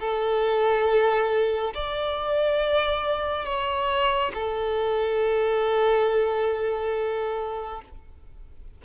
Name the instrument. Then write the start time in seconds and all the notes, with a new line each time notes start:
violin
0.00 A4
1.75 D5
3.45 C#5
4.34 A4